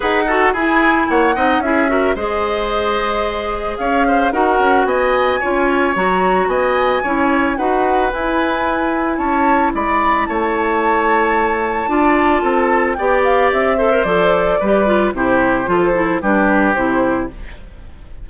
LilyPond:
<<
  \new Staff \with { instrumentName = "flute" } { \time 4/4 \tempo 4 = 111 fis''4 gis''4 fis''4 e''4 | dis''2. f''4 | fis''4 gis''2 ais''4 | gis''2 fis''4 gis''4~ |
gis''4 a''4 b''4 a''4~ | a''1 | g''8 f''8 e''4 d''2 | c''2 b'4 c''4 | }
  \new Staff \with { instrumentName = "oboe" } { \time 4/4 b'8 a'8 gis'4 cis''8 dis''8 gis'8 ais'8 | c''2. cis''8 c''8 | ais'4 dis''4 cis''2 | dis''4 cis''4 b'2~ |
b'4 cis''4 d''4 cis''4~ | cis''2 d''4 a'4 | d''4. c''4. b'4 | g'4 a'4 g'2 | }
  \new Staff \with { instrumentName = "clarinet" } { \time 4/4 gis'8 fis'8 e'4. dis'8 e'8 fis'8 | gis'1 | fis'2 f'4 fis'4~ | fis'4 e'4 fis'4 e'4~ |
e'1~ | e'2 f'2 | g'4. a'16 ais'16 a'4 g'8 f'8 | e'4 f'8 e'8 d'4 e'4 | }
  \new Staff \with { instrumentName = "bassoon" } { \time 4/4 dis'4 e'4 ais8 c'8 cis'4 | gis2. cis'4 | dis'8 cis'8 b4 cis'4 fis4 | b4 cis'4 dis'4 e'4~ |
e'4 cis'4 gis4 a4~ | a2 d'4 c'4 | b4 c'4 f4 g4 | c4 f4 g4 c4 | }
>>